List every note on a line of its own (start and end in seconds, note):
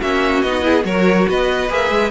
0.00 0.43 A#3
0.00 0.44 C#4
0.00 0.63 F#4
0.00 0.42 E5
0.42 0.84 B3
0.42 0.61 D#4
0.42 0.84 D#5
0.61 0.82 E4
0.61 0.86 G#4
0.84 1.26 F#3
0.84 1.68 F#4
0.84 1.28 A#4
0.84 1.27 C#5
1.28 1.69 B3
1.28 2.11 B4
1.28 1.72 D#5
1.69 1.89 A#3
1.69 2.11 G#4
1.69 2.11 E5
1.89 2.10 G#3